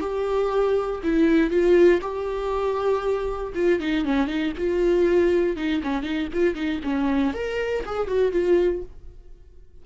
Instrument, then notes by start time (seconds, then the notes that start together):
viola
0.00 G4
1.03 E4
1.50 F4
2.01 G4
3.55 F4
3.80 D#4
4.04 C#4
4.27 D#4
4.57 F4
5.56 D#4
5.83 C#4
6.03 D#4
6.33 F4
6.54 D#4
6.83 C#4
7.33 A#4
7.85 G#4
8.07 F#4
8.32 F4